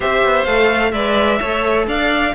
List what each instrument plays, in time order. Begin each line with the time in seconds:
0.00 cello C4, viola G4, violin C5 E5
0.23 cello B3
0.44 cello A3, viola A4, violin F5
0.91 cello G#3, viola B4, violin D5 E5
1.40 cello A3, viola A4, violin C#5
1.87 cello D4, violin D5 F5